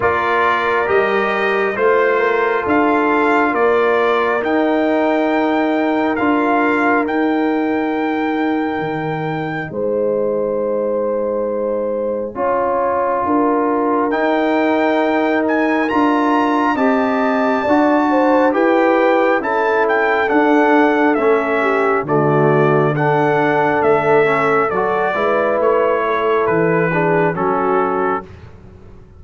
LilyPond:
<<
  \new Staff \with { instrumentName = "trumpet" } { \time 4/4 \tempo 4 = 68 d''4 dis''4 c''4 f''4 | d''4 g''2 f''4 | g''2. gis''4~ | gis''1 |
g''4. gis''8 ais''4 a''4~ | a''4 g''4 a''8 g''8 fis''4 | e''4 d''4 fis''4 e''4 | d''4 cis''4 b'4 a'4 | }
  \new Staff \with { instrumentName = "horn" } { \time 4/4 ais'2 c''8 ais'8 a'4 | ais'1~ | ais'2. c''4~ | c''2 cis''4 ais'4~ |
ais'2. dis''4 | d''8 c''8 b'4 a'2~ | a'8 g'8 fis'4 a'2~ | a'8 b'4 a'4 gis'8 fis'4 | }
  \new Staff \with { instrumentName = "trombone" } { \time 4/4 f'4 g'4 f'2~ | f'4 dis'2 f'4 | dis'1~ | dis'2 f'2 |
dis'2 f'4 g'4 | fis'4 g'4 e'4 d'4 | cis'4 a4 d'4. cis'8 | fis'8 e'2 d'8 cis'4 | }
  \new Staff \with { instrumentName = "tuba" } { \time 4/4 ais4 g4 a4 d'4 | ais4 dis'2 d'4 | dis'2 dis4 gis4~ | gis2 cis'4 d'4 |
dis'2 d'4 c'4 | d'4 e'4 cis'4 d'4 | a4 d2 a4 | fis8 gis8 a4 e4 fis4 | }
>>